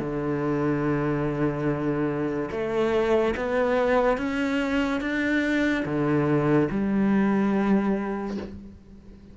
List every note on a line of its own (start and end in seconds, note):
0.00 2.50 D3
2.52 3.35 A3
3.37 4.18 B3
4.18 5.01 C#4
5.01 5.84 D4
5.86 6.69 D3
6.71 8.38 G3